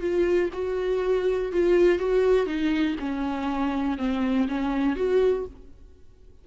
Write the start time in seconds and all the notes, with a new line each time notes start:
0.00 F4
0.53 F#4
1.52 F4
1.99 F#4
2.46 D#4
2.99 C#4
3.98 C4
4.48 C#4
4.96 F#4